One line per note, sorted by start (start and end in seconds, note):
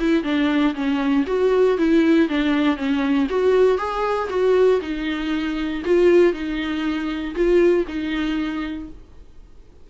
0.00 0.24 E4
0.24 0.74 D4
0.75 1.26 C#4
1.27 1.78 F#4
1.78 2.29 E4
2.29 2.77 D4
2.77 3.28 C#4
3.30 3.78 F#4
3.78 4.29 G#4
4.30 4.81 F#4
4.82 5.83 D#4
5.85 6.33 F4
6.33 7.35 D#4
7.35 7.86 F4
7.87 8.89 D#4